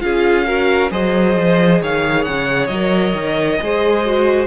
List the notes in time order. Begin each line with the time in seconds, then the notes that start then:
0.00 C#4 F4 G#4 F5
0.45 F#4 A#4
0.90 F#3 G#4 C5 D#5
1.36 F3
1.81 D#3 C#5 F5
2.24 C#3 F#5
2.66 F#3 D#5
2.73 A#4
3.14 D#3
3.61 G#3 G#4 C5
4.05 F#4